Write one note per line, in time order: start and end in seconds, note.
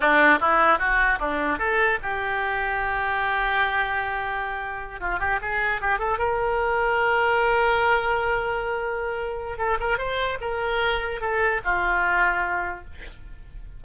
0.00 0.39 D4
0.40 0.79 E4
0.79 1.19 F#4
1.19 1.58 D4
1.58 1.98 A4
2.02 5.00 G4
5.00 5.19 F4
5.19 5.39 G4
5.41 5.81 G#4
5.81 5.98 G4
5.98 6.18 A4
6.18 9.57 A#4
9.57 9.77 A4
9.80 9.98 A#4
9.98 10.38 C5
10.40 11.20 A#4
11.21 11.61 A4
11.64 12.84 F4